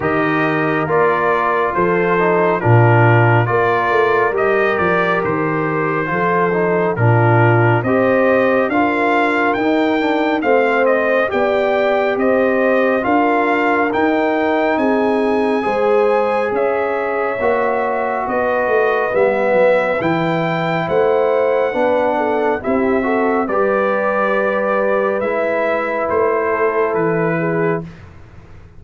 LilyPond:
<<
  \new Staff \with { instrumentName = "trumpet" } { \time 4/4 \tempo 4 = 69 dis''4 d''4 c''4 ais'4 | d''4 dis''8 d''8 c''2 | ais'4 dis''4 f''4 g''4 | f''8 dis''8 g''4 dis''4 f''4 |
g''4 gis''2 e''4~ | e''4 dis''4 e''4 g''4 | fis''2 e''4 d''4~ | d''4 e''4 c''4 b'4 | }
  \new Staff \with { instrumentName = "horn" } { \time 4/4 ais'2 a'4 f'4 | ais'2. a'4 | f'4 c''4 ais'2 | c''4 d''4 c''4 ais'4~ |
ais'4 gis'4 c''4 cis''4~ | cis''4 b'2. | c''4 b'8 a'8 g'8 a'8 b'4~ | b'2~ b'8 a'4 gis'8 | }
  \new Staff \with { instrumentName = "trombone" } { \time 4/4 g'4 f'4. dis'8 d'4 | f'4 g'2 f'8 dis'8 | d'4 g'4 f'4 dis'8 d'8 | c'4 g'2 f'4 |
dis'2 gis'2 | fis'2 b4 e'4~ | e'4 d'4 e'8 fis'8 g'4~ | g'4 e'2. | }
  \new Staff \with { instrumentName = "tuba" } { \time 4/4 dis4 ais4 f4 ais,4 | ais8 a8 g8 f8 dis4 f4 | ais,4 c'4 d'4 dis'4 | a4 b4 c'4 d'4 |
dis'4 c'4 gis4 cis'4 | ais4 b8 a8 g8 fis8 e4 | a4 b4 c'4 g4~ | g4 gis4 a4 e4 | }
>>